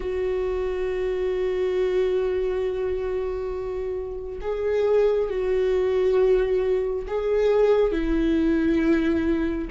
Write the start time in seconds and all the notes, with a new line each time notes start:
0.00 F#4
4.41 G#4
5.29 F#4
7.07 G#4
7.92 E4